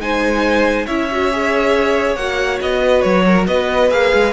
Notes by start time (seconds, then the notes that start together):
0.00 G#3 D#4 C5 G#5
0.86 C#4 E4 C#5 E5
1.11 F#4
1.31 G#4
2.15 A#3 F#4 F#5
2.61 B3 D#5
2.82 B4
3.01 F#3 C#5
3.26 A#4
3.47 B3 B4 D#5
3.90 A#3 G#4 F5
4.13 G#3